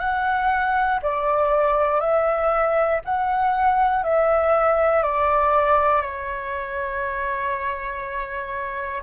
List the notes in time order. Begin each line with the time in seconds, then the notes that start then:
0.00 F#5
1.03 D5
2.01 E5
3.05 F#5
4.04 E5
5.03 D5
6.02 C#5